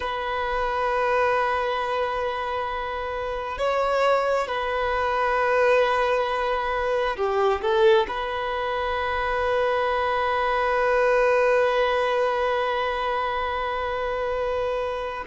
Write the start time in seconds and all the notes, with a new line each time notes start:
0.00 B4
3.58 C#5
4.47 B4
7.16 G4
7.61 A4
8.08 B4